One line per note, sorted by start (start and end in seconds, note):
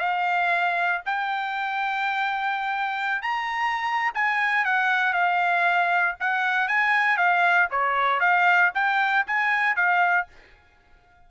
0.00 1.03 F5
1.06 3.23 G5
3.23 4.13 A#5
4.15 4.65 G#5
4.65 5.14 F#5
5.14 6.16 F5
6.21 6.69 F#5
6.69 7.18 G#5
7.18 7.69 F5
7.71 8.21 C#5
8.21 8.72 F5
8.75 9.26 G5
9.28 9.77 G#5
9.77 10.28 F5